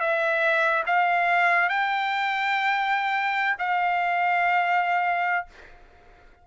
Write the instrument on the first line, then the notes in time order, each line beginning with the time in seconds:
trumpet
0.00 E5
0.86 F5
1.69 G5
3.59 F5